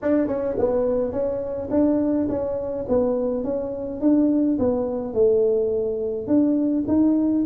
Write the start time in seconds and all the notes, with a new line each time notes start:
0.02 D4
0.27 C#4
0.58 B3
1.11 C#4
1.70 D4
2.28 C#4
2.88 B3
3.44 C#4
4.00 D4
4.59 B3
5.13 A3
6.27 D4
6.87 D#4